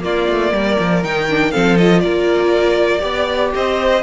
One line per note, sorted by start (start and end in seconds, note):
0.00 1.00 A#3
0.00 0.28 A#3
0.00 0.53 F4
0.00 1.04 D5
0.29 0.52 A3
0.52 0.77 G3
0.52 1.52 A#4
0.79 1.03 F3
1.03 1.53 D#3
1.03 1.29 D#4
1.03 1.51 G5
1.29 1.52 D4
1.51 2.04 F3
1.51 1.77 C4
1.51 2.02 A4
1.51 1.76 F5
1.77 2.99 F4
1.77 2.00 D#5
2.00 3.03 A#3
2.00 3.01 A#4
2.00 3.50 D5
2.99 3.53 B3
2.99 3.99 G4
2.99 3.51 D5
3.55 4.03 C4
3.55 4.03 C5
3.55 4.03 D#5